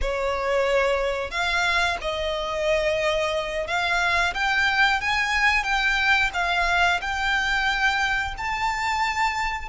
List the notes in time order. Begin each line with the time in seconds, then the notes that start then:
0.01 C#5
1.30 F5
2.01 D#5
3.67 F5
4.34 G5
5.00 G#5
5.63 G5
6.33 F5
7.01 G5
8.37 A5